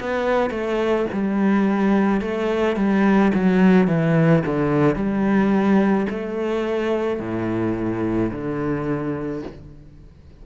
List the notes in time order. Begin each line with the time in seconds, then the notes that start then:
0.00 B3
0.50 A3
1.13 G3
2.21 A3
2.76 G3
3.34 F#3
3.87 E3
4.45 D3
4.95 G3
6.10 A3
7.20 A2
8.31 D3